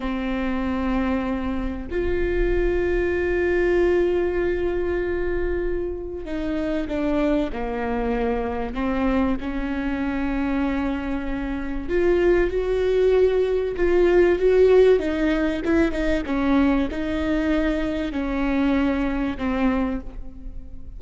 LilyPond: \new Staff \with { instrumentName = "viola" } { \time 4/4 \tempo 4 = 96 c'2. f'4~ | f'1~ | f'2 dis'4 d'4 | ais2 c'4 cis'4~ |
cis'2. f'4 | fis'2 f'4 fis'4 | dis'4 e'8 dis'8 cis'4 dis'4~ | dis'4 cis'2 c'4 | }